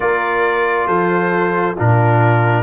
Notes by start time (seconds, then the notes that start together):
0.00 A#3 F4 A#4 D5
0.86 F3 A4 C5
1.75 A#2 D4 F4 A#4